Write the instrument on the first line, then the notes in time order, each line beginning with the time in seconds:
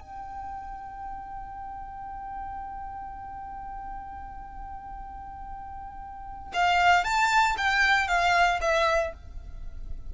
violin
0.00 G5
6.53 F5
7.04 A5
7.57 G5
8.08 F5
8.61 E5